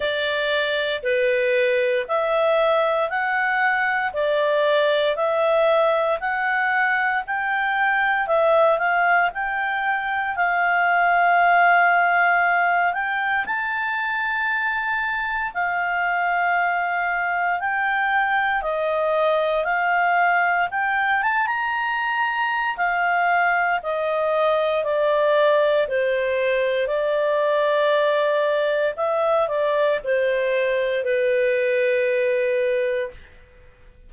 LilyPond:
\new Staff \with { instrumentName = "clarinet" } { \time 4/4 \tempo 4 = 58 d''4 b'4 e''4 fis''4 | d''4 e''4 fis''4 g''4 | e''8 f''8 g''4 f''2~ | f''8 g''8 a''2 f''4~ |
f''4 g''4 dis''4 f''4 | g''8 a''16 ais''4~ ais''16 f''4 dis''4 | d''4 c''4 d''2 | e''8 d''8 c''4 b'2 | }